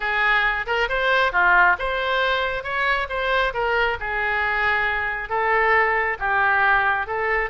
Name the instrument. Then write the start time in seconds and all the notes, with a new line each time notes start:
oboe
0.00 G#4
0.66 A#4
0.88 C5
1.32 F4
1.78 C5
2.63 C#5
3.09 C5
3.53 A#4
4.00 G#4
5.29 A4
6.19 G4
7.06 A4